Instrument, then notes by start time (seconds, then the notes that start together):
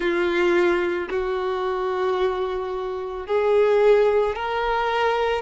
violin
0.00 F4
1.09 F#4
3.27 G#4
4.35 A#4